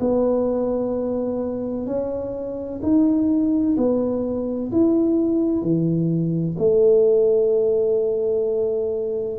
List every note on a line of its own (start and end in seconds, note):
0.00 1.86 B3
1.86 2.80 C#4
2.82 3.76 D#4
3.77 4.71 B3
4.72 5.62 E4
5.62 6.56 E3
6.58 9.38 A3